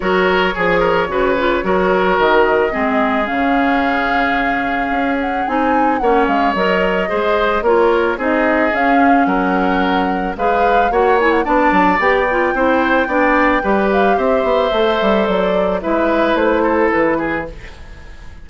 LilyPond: <<
  \new Staff \with { instrumentName = "flute" } { \time 4/4 \tempo 4 = 110 cis''1 | dis''2 f''2~ | f''4. fis''8 gis''4 fis''8 f''8 | dis''2 cis''4 dis''4 |
f''4 fis''2 f''4 | fis''8 gis''16 fis''16 a''4 g''2~ | g''4. f''8 e''2 | d''4 e''4 c''4 b'4 | }
  \new Staff \with { instrumentName = "oboe" } { \time 4/4 ais'4 gis'8 ais'8 b'4 ais'4~ | ais'4 gis'2.~ | gis'2. cis''4~ | cis''4 c''4 ais'4 gis'4~ |
gis'4 ais'2 b'4 | cis''4 d''2 c''4 | d''4 b'4 c''2~ | c''4 b'4. a'4 gis'8 | }
  \new Staff \with { instrumentName = "clarinet" } { \time 4/4 fis'4 gis'4 fis'8 f'8 fis'4~ | fis'4 c'4 cis'2~ | cis'2 dis'4 cis'4 | ais'4 gis'4 f'4 dis'4 |
cis'2. gis'4 | fis'8 e'8 d'4 g'8 f'8 e'4 | d'4 g'2 a'4~ | a'4 e'2. | }
  \new Staff \with { instrumentName = "bassoon" } { \time 4/4 fis4 f4 cis4 fis4 | dis4 gis4 cis2~ | cis4 cis'4 c'4 ais8 gis8 | fis4 gis4 ais4 c'4 |
cis'4 fis2 gis4 | ais4 b8 fis8 b4 c'4 | b4 g4 c'8 b8 a8 g8 | fis4 gis4 a4 e4 | }
>>